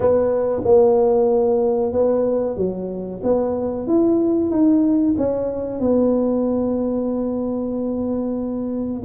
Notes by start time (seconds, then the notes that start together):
0.00 B3
0.64 A#3
1.92 B3
2.57 F#3
3.23 B3
3.87 E4
4.50 D#4
5.17 C#4
5.79 B3